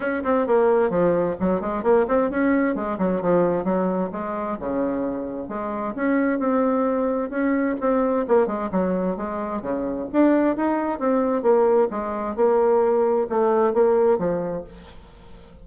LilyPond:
\new Staff \with { instrumentName = "bassoon" } { \time 4/4 \tempo 4 = 131 cis'8 c'8 ais4 f4 fis8 gis8 | ais8 c'8 cis'4 gis8 fis8 f4 | fis4 gis4 cis2 | gis4 cis'4 c'2 |
cis'4 c'4 ais8 gis8 fis4 | gis4 cis4 d'4 dis'4 | c'4 ais4 gis4 ais4~ | ais4 a4 ais4 f4 | }